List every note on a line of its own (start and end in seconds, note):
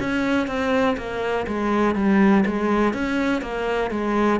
0.00 0.47 C#4
0.47 0.96 C4
0.97 1.46 A#3
1.47 1.95 G#3
1.95 2.44 G3
2.46 2.94 G#3
2.94 3.41 C#4
3.41 3.91 A#3
3.91 4.39 G#3